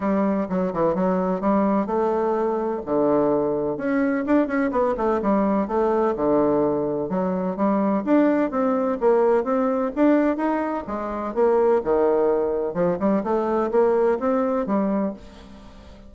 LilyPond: \new Staff \with { instrumentName = "bassoon" } { \time 4/4 \tempo 4 = 127 g4 fis8 e8 fis4 g4 | a2 d2 | cis'4 d'8 cis'8 b8 a8 g4 | a4 d2 fis4 |
g4 d'4 c'4 ais4 | c'4 d'4 dis'4 gis4 | ais4 dis2 f8 g8 | a4 ais4 c'4 g4 | }